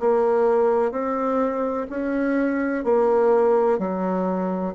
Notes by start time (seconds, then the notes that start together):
0.00 A#3
0.91 C4
1.90 C#4
2.84 A#3
3.79 F#3